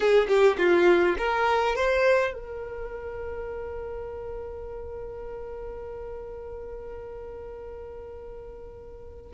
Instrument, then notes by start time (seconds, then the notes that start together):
violin
0.00 G#4
0.28 G4
0.57 F4
1.18 A#4
1.75 C5
2.33 A#4